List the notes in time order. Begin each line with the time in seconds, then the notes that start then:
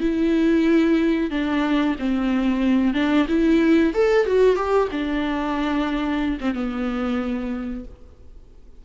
0.00 E4
1.30 D4
1.99 C4
2.94 D4
3.28 E4
3.94 A4
4.26 F#4
4.56 G4
4.91 D4
6.41 C4
6.54 B3